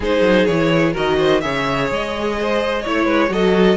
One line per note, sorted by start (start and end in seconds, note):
0.00 0.21 G#3
0.00 0.49 D#4
0.00 0.92 G#4
0.00 0.46 C5
0.21 0.45 F#3
0.46 0.95 E3
0.46 0.93 E4
0.46 0.93 C#5
0.92 1.44 D#3
0.92 1.41 F#4
0.92 1.16 A#4
0.92 1.40 D#5
1.18 1.41 C5
1.40 1.90 C#3
1.40 2.83 G#4
1.40 2.37 C#5
1.40 1.87 E5
1.90 2.84 G#3
1.90 2.87 D#5
2.40 2.82 C5
2.82 3.05 A3
2.82 3.28 E4
2.82 3.05 C#5
2.82 3.33 C#5
3.05 3.29 G#3
3.05 3.28 B4
3.28 3.77 F#3
3.28 3.76 F#4
3.28 3.77 A4
3.28 3.77 D#5